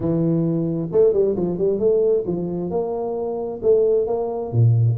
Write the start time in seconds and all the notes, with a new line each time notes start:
0.00 E3
0.91 A3
1.13 G3
1.35 F3
1.58 G3
1.79 A3
2.26 F3
2.70 A#3
3.62 A3
4.06 A#3
4.51 A#2